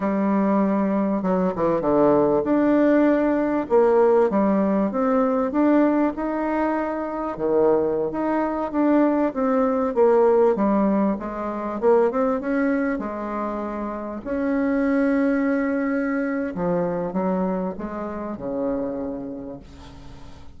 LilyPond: \new Staff \with { instrumentName = "bassoon" } { \time 4/4 \tempo 4 = 98 g2 fis8 e8 d4 | d'2 ais4 g4 | c'4 d'4 dis'2 | dis4~ dis16 dis'4 d'4 c'8.~ |
c'16 ais4 g4 gis4 ais8 c'16~ | c'16 cis'4 gis2 cis'8.~ | cis'2. f4 | fis4 gis4 cis2 | }